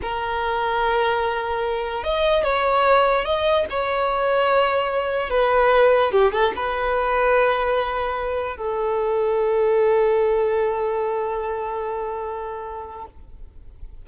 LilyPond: \new Staff \with { instrumentName = "violin" } { \time 4/4 \tempo 4 = 147 ais'1~ | ais'4 dis''4 cis''2 | dis''4 cis''2.~ | cis''4 b'2 g'8 a'8 |
b'1~ | b'4 a'2.~ | a'1~ | a'1 | }